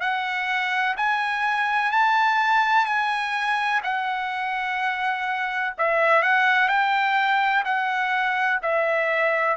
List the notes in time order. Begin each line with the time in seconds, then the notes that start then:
0.00 F#5
0.97 G#5
1.91 A5
2.85 G#5
3.83 F#5
5.78 E5
6.22 F#5
6.68 G5
7.65 F#5
8.62 E5